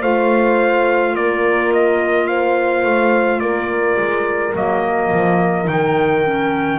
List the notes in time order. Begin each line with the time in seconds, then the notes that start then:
0.00 A3 F4 C5 F5
1.14 A#3 A#4 D5
1.73 D#5
2.27 C5 F5
2.84 A3
3.39 A#3 A#4 D5
3.97 G#3
4.54 F#3 A#3 D#5
5.12 F3
5.64 D#3 D#4 G5
6.26 C#4